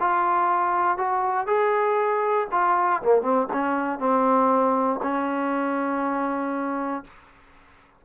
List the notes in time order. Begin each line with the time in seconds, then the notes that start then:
0.00 F4
0.97 F#4
1.47 G#4
2.52 F4
3.03 A#3
3.22 C4
3.53 C#4
3.99 C4
5.02 C#4